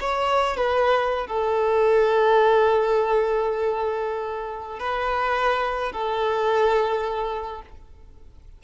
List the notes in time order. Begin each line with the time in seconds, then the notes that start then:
0.00 C#5
0.56 B4
1.27 A4
4.79 B4
5.92 A4